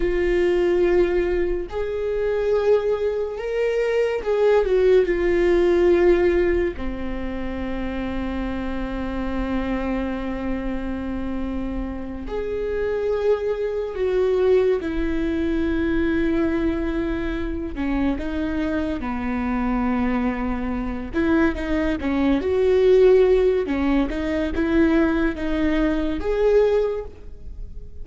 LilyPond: \new Staff \with { instrumentName = "viola" } { \time 4/4 \tempo 4 = 71 f'2 gis'2 | ais'4 gis'8 fis'8 f'2 | c'1~ | c'2~ c'8 gis'4.~ |
gis'8 fis'4 e'2~ e'8~ | e'4 cis'8 dis'4 b4.~ | b4 e'8 dis'8 cis'8 fis'4. | cis'8 dis'8 e'4 dis'4 gis'4 | }